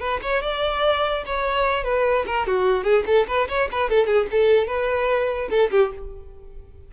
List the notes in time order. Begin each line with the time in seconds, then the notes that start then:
0.00 B4
0.23 C#5
0.43 D5
1.27 C#5
1.85 B4
2.27 A#4
2.47 F#4
2.84 G#4
3.07 A4
3.28 B4
3.49 C#5
3.72 B4
3.90 A4
4.07 G#4
4.32 A4
4.68 B4
5.50 A4
5.71 G4